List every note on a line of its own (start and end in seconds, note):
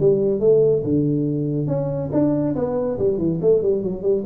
0.00 0.40 G3
0.40 0.83 A3
0.84 1.67 D3
1.67 2.10 C#4
2.13 2.55 D4
2.56 2.98 B3
2.99 3.18 G3
3.18 3.40 E3
3.41 3.62 A3
3.62 3.83 G3
3.83 4.02 F#3
4.02 4.24 G3